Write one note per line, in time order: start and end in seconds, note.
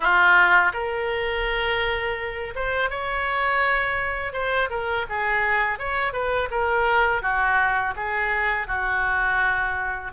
0.00 0.72 F4
0.73 2.54 A#4
2.55 2.89 C5
2.89 4.32 C#5
4.32 4.69 C5
4.70 5.06 A#4
5.09 5.78 G#4
5.78 6.12 C#5
6.12 6.49 B4
6.50 7.22 A#4
7.22 7.94 F#4
7.96 8.67 G#4
8.67 10.11 F#4